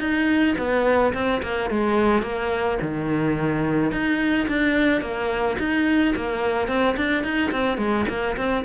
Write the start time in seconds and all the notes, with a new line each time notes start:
0.00 D#4
0.58 B3
1.14 C4
1.43 A#3
1.70 G#3
2.23 A#3
2.82 D#3
3.92 D#4
4.48 D4
5.02 A#3
5.59 D#4
6.16 A#3
6.68 C4
6.97 D4
7.24 D#4
7.52 C4
7.78 G#3
8.09 A#3
8.37 C4